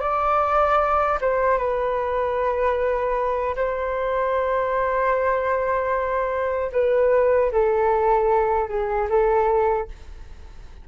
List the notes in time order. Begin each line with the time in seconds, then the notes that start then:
0.00 D5
1.21 C5
1.58 B4
3.56 C5
6.72 B4
7.52 A4
8.69 G#4
9.09 A4